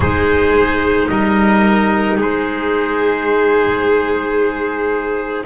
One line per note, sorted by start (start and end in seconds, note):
0.00 1.08 G#3
0.00 5.46 D#4
0.00 1.07 G#4
0.00 1.08 C5
1.08 2.17 G3
1.08 2.16 A#4
1.08 2.17 D#5
2.16 5.45 G#3
2.16 5.44 G#4
2.16 5.46 C5